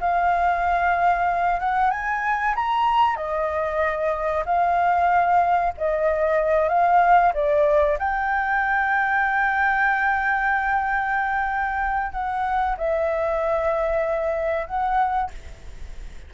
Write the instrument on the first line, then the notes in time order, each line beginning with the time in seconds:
flute
0.00 F5
1.60 F#5
1.91 G#5
2.55 A#5
3.16 D#5
4.45 F5
5.78 D#5
6.69 F5
7.34 D5
7.98 G5
12.12 F#5
12.77 E5
14.67 F#5